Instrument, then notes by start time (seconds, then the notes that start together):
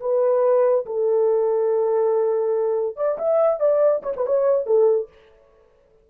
horn
0.00 B4
0.85 A4
2.96 D5
3.18 E5
3.59 D5
4.02 C#5
4.16 B4
4.26 C#5
4.66 A4